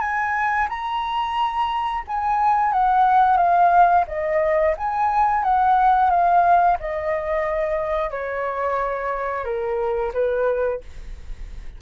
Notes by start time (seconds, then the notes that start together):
0.00 G#5
0.69 A#5
2.07 G#5
2.72 F#5
3.37 F5
4.07 D#5
4.77 G#5
5.43 F#5
6.10 F5
6.80 D#5
8.11 C#5
9.44 A#4
10.13 B4